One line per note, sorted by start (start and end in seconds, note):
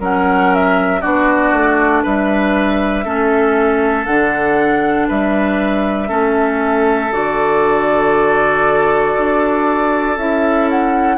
0.00 1.02 F#3
0.00 1.01 C#4
0.00 1.01 A#4
0.00 0.54 F#5
0.54 1.01 E5
1.01 1.53 B3
1.01 3.04 D4
1.01 2.03 F#4
1.01 2.03 D5
1.53 2.04 A3
2.03 3.06 G3
2.03 3.04 B4
2.03 4.05 E5
3.04 4.07 A3
3.04 4.06 C#4
3.04 5.08 A4
4.05 5.08 D3
4.05 6.08 D4
4.05 5.07 F#5
5.08 6.10 G3
5.08 6.08 B4
5.08 7.12 E5
6.08 7.12 A3
6.08 7.10 C#4
6.08 11.17 A4
7.12 9.15 D3
7.12 10.17 F#4
7.12 10.18 D5
9.18 10.17 D4
10.17 11.18 C#4
10.17 11.18 E4
10.17 10.69 E5
10.69 11.18 F#5